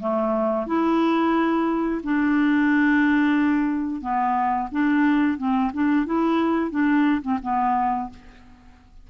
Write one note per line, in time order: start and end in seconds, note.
0.00 0.67 A3
0.67 2.02 E4
2.03 4.01 D4
4.01 4.69 B3
4.71 5.37 D4
5.37 5.71 C4
5.73 6.06 D4
6.06 6.71 E4
6.71 7.21 D4
7.22 7.39 C4
7.42 8.10 B3